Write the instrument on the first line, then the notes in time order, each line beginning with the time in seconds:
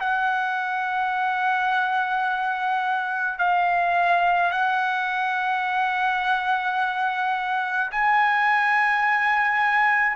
trumpet
0.00 F#5
3.39 F5
4.51 F#5
7.91 G#5